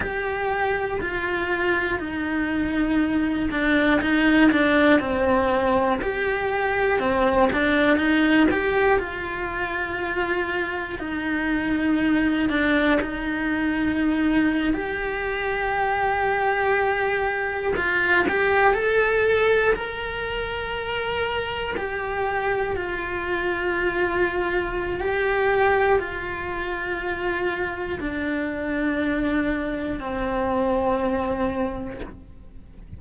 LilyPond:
\new Staff \with { instrumentName = "cello" } { \time 4/4 \tempo 4 = 60 g'4 f'4 dis'4. d'8 | dis'8 d'8 c'4 g'4 c'8 d'8 | dis'8 g'8 f'2 dis'4~ | dis'8 d'8 dis'4.~ dis'16 g'4~ g'16~ |
g'4.~ g'16 f'8 g'8 a'4 ais'16~ | ais'4.~ ais'16 g'4 f'4~ f'16~ | f'4 g'4 f'2 | d'2 c'2 | }